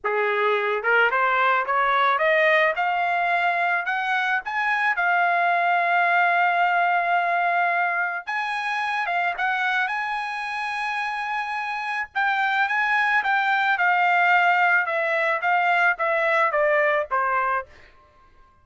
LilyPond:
\new Staff \with { instrumentName = "trumpet" } { \time 4/4 \tempo 4 = 109 gis'4. ais'8 c''4 cis''4 | dis''4 f''2 fis''4 | gis''4 f''2.~ | f''2. gis''4~ |
gis''8 f''8 fis''4 gis''2~ | gis''2 g''4 gis''4 | g''4 f''2 e''4 | f''4 e''4 d''4 c''4 | }